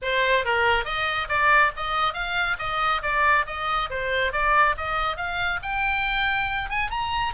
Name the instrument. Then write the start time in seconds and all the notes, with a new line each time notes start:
oboe
0.02 C5
0.45 A#4
0.84 D#5
1.28 D5
1.76 D#5
2.13 F5
2.58 D#5
3.02 D5
3.46 D#5
3.90 C5
4.32 D5
4.77 D#5
5.17 F5
5.62 G5
6.69 G#5
6.90 A#5